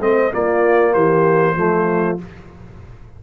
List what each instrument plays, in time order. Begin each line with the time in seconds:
0.00 tuba A3, trombone C4, horn C5, trumpet D#5
0.31 trombone A#3, tuba A#3, horn F4, trumpet D5
0.93 tuba E3, horn G4, trumpet C5
1.56 tuba F3, trombone A3, horn F4